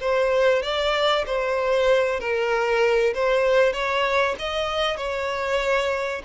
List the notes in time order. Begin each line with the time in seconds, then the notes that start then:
0.00 C5
0.62 D5
1.26 C5
2.20 A#4
3.14 C5
3.73 C#5
4.39 D#5
4.97 C#5